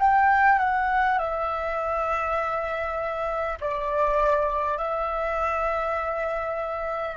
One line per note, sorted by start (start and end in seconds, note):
0.00 0.59 G5
0.59 1.19 F#5
1.19 3.59 E5
3.61 4.78 D5
4.78 7.18 E5